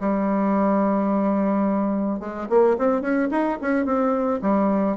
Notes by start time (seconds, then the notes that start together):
0.00 G3
2.20 G#3
2.49 A#3
2.78 C4
3.01 C#4
3.31 D#4
3.61 C#4
3.85 C4
4.42 G3